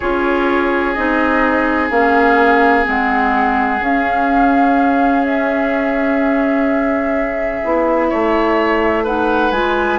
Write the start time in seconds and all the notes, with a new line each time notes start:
0.00 C#4 F4 G#4 C#5
0.93 C4 D#4 D#5
1.90 A#3 C#4 F5
2.84 G#3 C4 F#5
3.80 C#4 F5
5.25 E5
7.64 B3 E4
8.09 A3 C#5
9.03 D#4 B4 F#5
9.51 G#3 F4 G#5